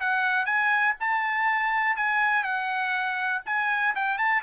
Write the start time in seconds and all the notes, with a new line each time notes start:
0.00 F#5
0.45 G#5
1.00 A5
1.96 G#5
2.43 F#5
3.45 G#5
3.95 G5
4.18 A5